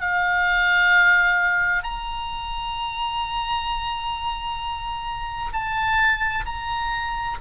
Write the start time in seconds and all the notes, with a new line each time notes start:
0.00 F5
1.83 A#5
5.52 A5
6.45 A#5